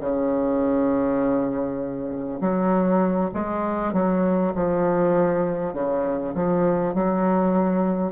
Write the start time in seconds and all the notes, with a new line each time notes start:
0.00 C#3
2.40 F#3
3.33 G#3
3.93 F#3
4.54 F3
5.73 C#3
6.34 F3
6.94 F#3